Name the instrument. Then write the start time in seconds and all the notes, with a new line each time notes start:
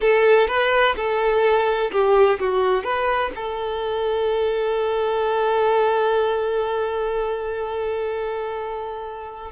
violin
0.00 A4
0.47 B4
0.96 A4
1.91 G4
2.39 F#4
2.83 B4
3.35 A4